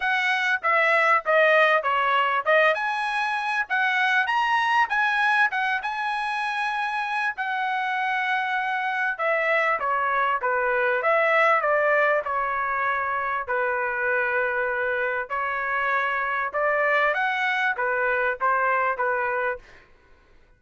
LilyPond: \new Staff \with { instrumentName = "trumpet" } { \time 4/4 \tempo 4 = 98 fis''4 e''4 dis''4 cis''4 | dis''8 gis''4. fis''4 ais''4 | gis''4 fis''8 gis''2~ gis''8 | fis''2. e''4 |
cis''4 b'4 e''4 d''4 | cis''2 b'2~ | b'4 cis''2 d''4 | fis''4 b'4 c''4 b'4 | }